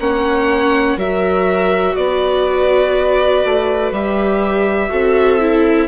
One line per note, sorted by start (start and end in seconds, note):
0.00 0.97 A#3
0.00 0.99 C#4
0.00 0.97 C#5
0.00 0.99 F#5
0.97 1.95 F#3
0.97 3.94 F#4
0.97 1.95 A#4
0.97 1.96 E5
1.96 3.44 B3
1.96 4.91 B4
1.96 3.92 D5
3.45 3.92 A3
3.92 4.90 G3
3.92 4.90 G4
3.92 5.89 E5
4.90 5.89 C4
4.90 5.39 F#4
4.90 5.89 A4
5.41 5.89 E4